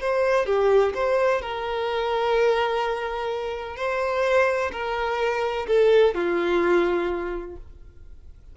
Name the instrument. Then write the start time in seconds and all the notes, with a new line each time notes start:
violin
0.00 C5
0.46 G4
0.94 C5
1.41 A#4
3.76 C5
4.72 A#4
5.67 A4
6.14 F4